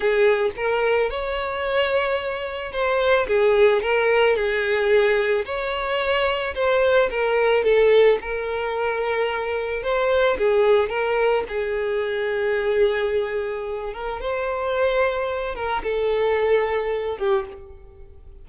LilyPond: \new Staff \with { instrumentName = "violin" } { \time 4/4 \tempo 4 = 110 gis'4 ais'4 cis''2~ | cis''4 c''4 gis'4 ais'4 | gis'2 cis''2 | c''4 ais'4 a'4 ais'4~ |
ais'2 c''4 gis'4 | ais'4 gis'2.~ | gis'4. ais'8 c''2~ | c''8 ais'8 a'2~ a'8 g'8 | }